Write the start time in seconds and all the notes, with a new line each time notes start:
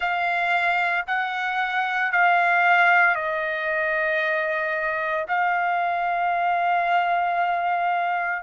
0.00 F5
1.06 F#5
2.11 F5
3.15 D#5
5.27 F5